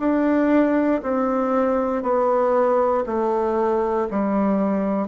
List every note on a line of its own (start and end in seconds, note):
0.00 1.02 D4
1.03 2.03 C4
2.03 3.05 B3
3.06 4.08 A3
4.11 5.08 G3